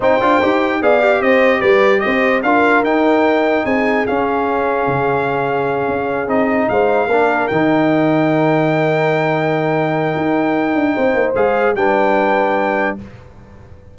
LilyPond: <<
  \new Staff \with { instrumentName = "trumpet" } { \time 4/4 \tempo 4 = 148 g''2 f''4 dis''4 | d''4 dis''4 f''4 g''4~ | g''4 gis''4 f''2~ | f''2.~ f''8 dis''8~ |
dis''8 f''2 g''4.~ | g''1~ | g''1 | f''4 g''2. | }
  \new Staff \with { instrumentName = "horn" } { \time 4/4 c''2 d''4 c''4 | b'4 c''4 ais'2~ | ais'4 gis'2.~ | gis'1~ |
gis'8 c''4 ais'2~ ais'8~ | ais'1~ | ais'2. c''4~ | c''4 b'2. | }
  \new Staff \with { instrumentName = "trombone" } { \time 4/4 dis'8 f'8 g'4 gis'8 g'4.~ | g'2 f'4 dis'4~ | dis'2 cis'2~ | cis'2.~ cis'8 dis'8~ |
dis'4. d'4 dis'4.~ | dis'1~ | dis'1 | gis'4 d'2. | }
  \new Staff \with { instrumentName = "tuba" } { \time 4/4 c'8 d'8 dis'4 b4 c'4 | g4 c'4 d'4 dis'4~ | dis'4 c'4 cis'2 | cis2~ cis8 cis'4 c'8~ |
c'8 gis4 ais4 dis4.~ | dis1~ | dis4 dis'4. d'8 c'8 ais8 | gis4 g2. | }
>>